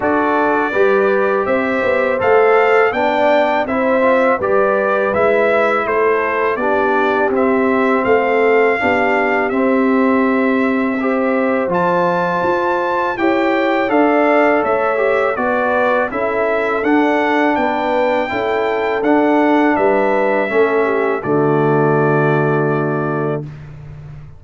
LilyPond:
<<
  \new Staff \with { instrumentName = "trumpet" } { \time 4/4 \tempo 4 = 82 d''2 e''4 f''4 | g''4 e''4 d''4 e''4 | c''4 d''4 e''4 f''4~ | f''4 e''2. |
a''2 g''4 f''4 | e''4 d''4 e''4 fis''4 | g''2 fis''4 e''4~ | e''4 d''2. | }
  \new Staff \with { instrumentName = "horn" } { \time 4/4 a'4 b'4 c''2 | d''4 c''4 b'2 | a'4 g'2 a'4 | g'2. c''4~ |
c''2 cis''4 d''4 | cis''4 b'4 a'2 | b'4 a'2 b'4 | a'8 g'8 fis'2. | }
  \new Staff \with { instrumentName = "trombone" } { \time 4/4 fis'4 g'2 a'4 | d'4 e'8 f'8 g'4 e'4~ | e'4 d'4 c'2 | d'4 c'2 g'4 |
f'2 g'4 a'4~ | a'8 g'8 fis'4 e'4 d'4~ | d'4 e'4 d'2 | cis'4 a2. | }
  \new Staff \with { instrumentName = "tuba" } { \time 4/4 d'4 g4 c'8 b8 a4 | b4 c'4 g4 gis4 | a4 b4 c'4 a4 | b4 c'2. |
f4 f'4 e'4 d'4 | a4 b4 cis'4 d'4 | b4 cis'4 d'4 g4 | a4 d2. | }
>>